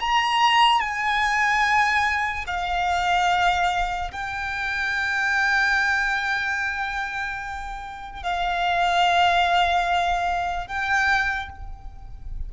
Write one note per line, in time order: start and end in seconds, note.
0.00 0.81 A#5
0.81 2.45 G#5
2.47 4.11 F5
4.12 8.23 G5
8.23 10.67 F5
10.67 11.50 G5